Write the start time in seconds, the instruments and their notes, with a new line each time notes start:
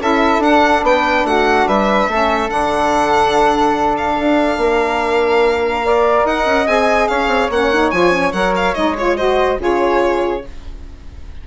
0.00 bassoon C#4, saxophone E4, flute A4, violin E5
0.39 bassoon D4, saxophone D4, violin F#5
0.83 bassoon B3, flute B4, violin G5
1.24 bassoon A3, flute F#4, violin F#5
1.67 bassoon G3, flute B4, violin E5
2.08 bassoon A3, saxophone C#4, flute A4
2.48 bassoon D3, saxophone D4, violin F#5
3.97 violin F5
4.19 bassoon D4
4.57 bassoon A#3, flute A#4
5.85 saxophone A#4, flute D5
6.25 bassoon D#4, flute D#5, violin F#5
6.45 bassoon C#4
6.66 bassoon C4, saxophone G#4, violin G#5
7.08 bassoon C#4, flute C#5, violin F5
7.28 bassoon C4
7.50 bassoon A#3, saxophone C#4, violin F#5
7.73 saxophone D#4
7.91 bassoon F3, saxophone F4, violin G#5
8.12 saxophone C#4
8.33 bassoon F#3, saxophone A#4, violin F#5
8.56 violin F5
8.74 bassoon G#3, saxophone D#4, violin D#5
8.97 saxophone F4, violin C#5
9.17 saxophone F#4, flute C5, violin D#5
9.58 bassoon C#3, saxophone F4, flute G#4, violin C#5